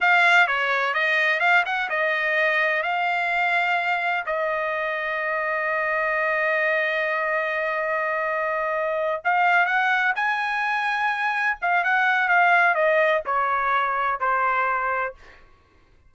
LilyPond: \new Staff \with { instrumentName = "trumpet" } { \time 4/4 \tempo 4 = 127 f''4 cis''4 dis''4 f''8 fis''8 | dis''2 f''2~ | f''4 dis''2.~ | dis''1~ |
dis''2.~ dis''8 f''8~ | f''8 fis''4 gis''2~ gis''8~ | gis''8 f''8 fis''4 f''4 dis''4 | cis''2 c''2 | }